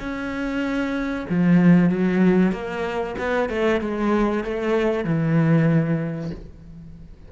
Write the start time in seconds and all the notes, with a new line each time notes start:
0.00 C#4
1.30 F3
1.90 F#3
2.52 A#3
3.19 B3
3.49 A3
3.81 G#3
4.44 A3
5.04 E3